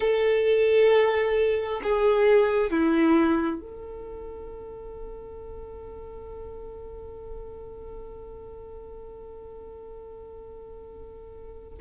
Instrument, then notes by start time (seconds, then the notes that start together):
violin
0.00 A4
1.83 G#4
2.70 E4
3.60 A4